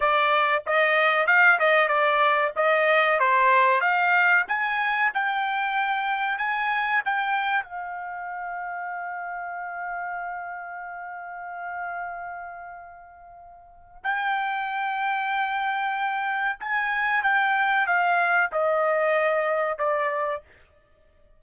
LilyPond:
\new Staff \with { instrumentName = "trumpet" } { \time 4/4 \tempo 4 = 94 d''4 dis''4 f''8 dis''8 d''4 | dis''4 c''4 f''4 gis''4 | g''2 gis''4 g''4 | f''1~ |
f''1~ | f''2 g''2~ | g''2 gis''4 g''4 | f''4 dis''2 d''4 | }